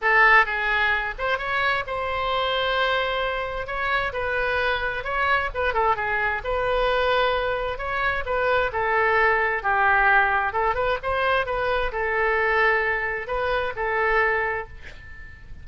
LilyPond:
\new Staff \with { instrumentName = "oboe" } { \time 4/4 \tempo 4 = 131 a'4 gis'4. c''8 cis''4 | c''1 | cis''4 b'2 cis''4 | b'8 a'8 gis'4 b'2~ |
b'4 cis''4 b'4 a'4~ | a'4 g'2 a'8 b'8 | c''4 b'4 a'2~ | a'4 b'4 a'2 | }